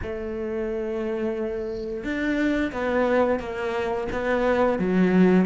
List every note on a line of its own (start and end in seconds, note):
0.02 2.04 A3
2.04 2.72 D4
2.72 3.39 B3
3.39 4.07 A#3
4.12 4.79 B3
4.79 5.45 F#3